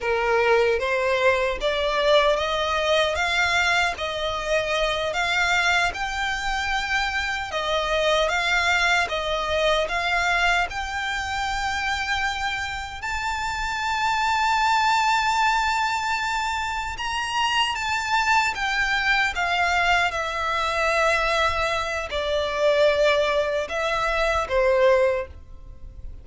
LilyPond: \new Staff \with { instrumentName = "violin" } { \time 4/4 \tempo 4 = 76 ais'4 c''4 d''4 dis''4 | f''4 dis''4. f''4 g''8~ | g''4. dis''4 f''4 dis''8~ | dis''8 f''4 g''2~ g''8~ |
g''8 a''2.~ a''8~ | a''4. ais''4 a''4 g''8~ | g''8 f''4 e''2~ e''8 | d''2 e''4 c''4 | }